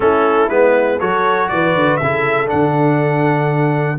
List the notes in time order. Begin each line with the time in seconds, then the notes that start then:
0.00 A3 C#4 E4 A4
0.49 G#3 B3 B4
0.99 F#3 F#4 A4 C#5
1.48 E3 B4 D5
1.75 D3
1.96 C#3 E5
2.03 E4 A4
2.47 D3 D4 F#5